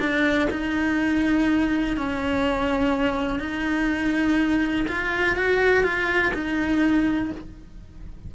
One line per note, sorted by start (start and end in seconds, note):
0.00 0.49 D4
0.51 1.97 D#4
1.97 3.40 C#4
3.40 4.86 D#4
4.88 5.36 F4
5.36 5.84 F#4
5.84 6.33 F4
6.34 7.32 D#4